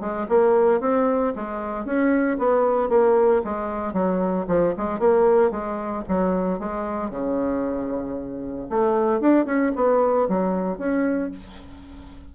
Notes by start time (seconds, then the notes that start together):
0.00 G#3
0.29 A#3
0.80 C4
1.35 G#3
1.85 C#4
2.38 B3
2.89 A#3
3.44 G#3
3.93 F#3
4.47 F3
4.77 G#3
4.99 A#3
5.50 G#3
6.08 F#3
6.59 G#3
7.10 C#3
8.69 A3
9.20 D4
9.45 C#4
9.75 B3
10.28 F#3
10.78 C#4